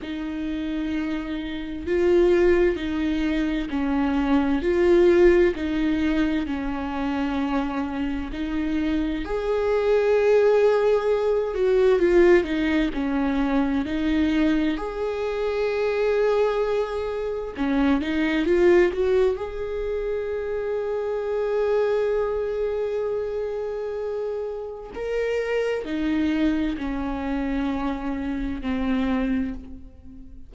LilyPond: \new Staff \with { instrumentName = "viola" } { \time 4/4 \tempo 4 = 65 dis'2 f'4 dis'4 | cis'4 f'4 dis'4 cis'4~ | cis'4 dis'4 gis'2~ | gis'8 fis'8 f'8 dis'8 cis'4 dis'4 |
gis'2. cis'8 dis'8 | f'8 fis'8 gis'2.~ | gis'2. ais'4 | dis'4 cis'2 c'4 | }